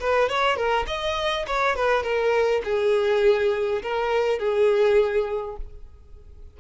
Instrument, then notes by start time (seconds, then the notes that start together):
violin
0.00 B4
0.29 C#5
0.56 A#4
0.87 D#5
1.47 C#5
1.76 B4
2.03 A#4
2.64 G#4
3.83 A#4
4.39 G#4